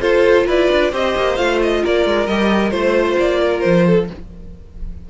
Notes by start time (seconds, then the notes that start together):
0.00 F4 A4 C5
0.46 E4 B4 D5
0.71 D4
0.91 C4 G4 C5 D#5
1.16 A#3
1.36 A3 F4 F5
1.62 D#5
1.83 A#3 A#4 D5
2.06 G#3
2.27 G3 G4 D#5
2.70 A3 F4 C5
3.19 A#3 D5
3.41 A#4
3.60 F3 C5
3.86 A4